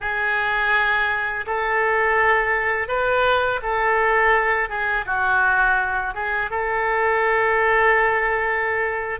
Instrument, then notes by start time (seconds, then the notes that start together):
oboe
0.00 G#4
1.46 A4
2.88 B4
3.62 A4
4.69 G#4
5.05 F#4
6.14 G#4
6.50 A4